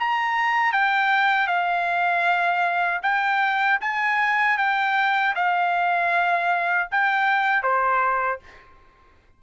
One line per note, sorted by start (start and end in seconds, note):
0.00 0.73 A#5
0.73 1.48 G5
1.48 3.01 F5
3.03 3.80 G5
3.81 4.58 G#5
4.58 5.35 G5
5.35 6.89 F5
6.92 7.63 G5
7.63 8.40 C5